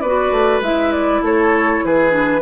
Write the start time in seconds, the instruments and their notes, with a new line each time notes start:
0.00 bassoon B3, clarinet F#4, oboe B4, flute D5
0.31 bassoon A3
0.60 bassoon G#3, clarinet E4, flute E5
0.92 flute D5
1.21 bassoon A3, oboe A4, flute C#5
1.85 bassoon E3, oboe G#4, flute B4
2.09 clarinet D4